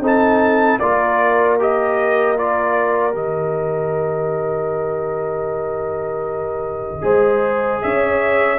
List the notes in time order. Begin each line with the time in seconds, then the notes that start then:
0.00 C4 D#4 A4
0.06 A5
0.79 A#3 F4 A#4 D5
1.59 G4 D#5
2.37 F4 D5
3.12 D#3 G4 D#5
7.01 G#3 G#4 C5
7.81 C#4 C#5 E5